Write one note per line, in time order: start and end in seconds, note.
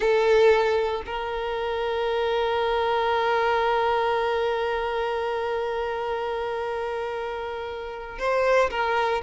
0.00 1.02 A4
1.06 8.18 A#4
8.18 8.70 C5
8.70 9.21 A#4